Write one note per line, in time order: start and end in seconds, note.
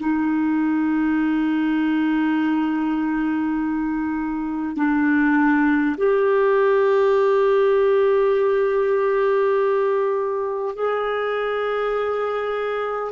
0.00 4.77 D#4
4.77 5.97 D4
5.97 10.76 G4
10.76 13.12 G#4